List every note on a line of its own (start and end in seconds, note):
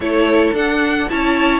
0.00 0.51 A3
0.00 0.55 E4
0.00 1.10 A4
0.00 0.54 C#5
0.52 1.06 D4
0.52 1.08 D4
0.52 1.09 F#5
1.08 1.59 C#4
1.08 1.59 E4
1.08 1.59 C#5
1.08 1.59 A5